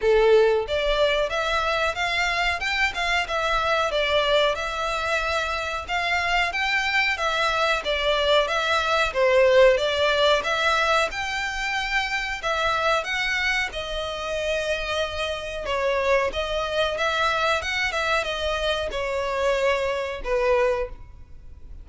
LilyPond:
\new Staff \with { instrumentName = "violin" } { \time 4/4 \tempo 4 = 92 a'4 d''4 e''4 f''4 | g''8 f''8 e''4 d''4 e''4~ | e''4 f''4 g''4 e''4 | d''4 e''4 c''4 d''4 |
e''4 g''2 e''4 | fis''4 dis''2. | cis''4 dis''4 e''4 fis''8 e''8 | dis''4 cis''2 b'4 | }